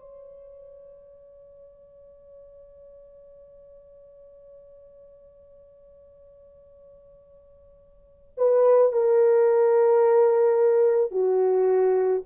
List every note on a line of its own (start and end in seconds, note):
0.00 8.33 C#5
8.37 8.92 B4
8.92 11.11 A#4
11.11 12.22 F#4